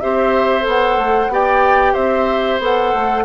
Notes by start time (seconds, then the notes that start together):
0.00 C4 G4 C5 E5
0.61 B3 A4
0.68 F#5
0.97 A3
1.28 B3 G4 D5 G5
1.93 C4 C5 E5
2.59 B3 A4 F#5
2.93 A3